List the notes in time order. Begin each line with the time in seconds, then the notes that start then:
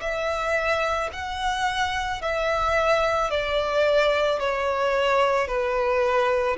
0.00 E5
1.12 F#5
2.21 E5
3.30 D5
4.39 C#5
5.47 B4